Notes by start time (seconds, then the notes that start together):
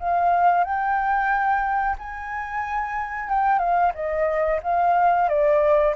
0.00 F5
0.64 G5
1.99 G#5
3.30 G5
3.59 F5
3.95 D#5
4.63 F5
5.29 D5